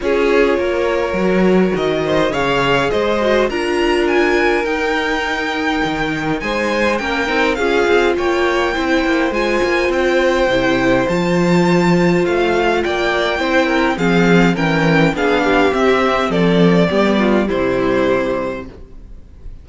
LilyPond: <<
  \new Staff \with { instrumentName = "violin" } { \time 4/4 \tempo 4 = 103 cis''2. dis''4 | f''4 dis''4 ais''4 gis''4 | g''2. gis''4 | g''4 f''4 g''2 |
gis''4 g''2 a''4~ | a''4 f''4 g''2 | f''4 g''4 f''4 e''4 | d''2 c''2 | }
  \new Staff \with { instrumentName = "violin" } { \time 4/4 gis'4 ais'2~ ais'8 c''8 | cis''4 c''4 ais'2~ | ais'2. c''4 | ais'4 gis'4 cis''4 c''4~ |
c''1~ | c''2 d''4 c''8 ais'8 | gis'4 ais'4 gis'8 g'4. | a'4 g'8 f'8 e'2 | }
  \new Staff \with { instrumentName = "viola" } { \time 4/4 f'2 fis'2 | gis'4. fis'8 f'2 | dis'1 | cis'8 dis'8 f'2 e'4 |
f'2 e'4 f'4~ | f'2. e'4 | c'4 cis'4 d'4 c'4~ | c'4 b4 g2 | }
  \new Staff \with { instrumentName = "cello" } { \time 4/4 cis'4 ais4 fis4 dis4 | cis4 gis4 d'2 | dis'2 dis4 gis4 | ais8 c'8 cis'8 c'8 ais4 c'8 ais8 |
gis8 ais8 c'4 c4 f4~ | f4 a4 ais4 c'4 | f4 e4 b4 c'4 | f4 g4 c2 | }
>>